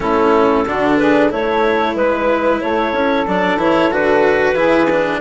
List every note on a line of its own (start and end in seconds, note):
0.00 0.66 A3
0.00 0.64 C#4
0.00 0.65 E4
0.00 0.97 A4
0.66 1.31 D3
0.66 1.30 D4
0.66 0.99 F#4
0.97 1.31 G#4
0.97 1.29 B4
1.30 1.95 A3
1.30 3.25 E4
1.30 1.95 A4
1.30 1.96 C#5
1.95 2.60 G#3
1.95 2.61 B4
2.61 2.92 A3
2.61 4.54 A4
2.61 3.26 C#5
2.92 3.24 C#4
3.27 3.56 F#3
3.27 3.58 D4
3.27 3.59 D5
3.56 3.88 E3
3.56 3.90 E4
3.56 3.93 C#5
3.90 4.53 D3
3.90 4.55 F#4
3.90 5.21 B4
4.53 5.18 E3
4.53 4.87 E4
4.53 5.19 G#4
4.90 5.21 D4